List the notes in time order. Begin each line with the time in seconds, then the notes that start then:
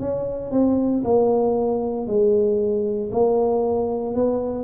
0.00 C#4
0.51 C4
1.04 A#3
2.07 G#3
3.12 A#3
4.15 B3